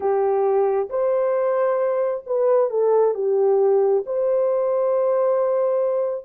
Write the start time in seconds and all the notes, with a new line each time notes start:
0.00 G4
0.89 C5
2.26 B4
2.70 A4
3.14 G4
4.05 C5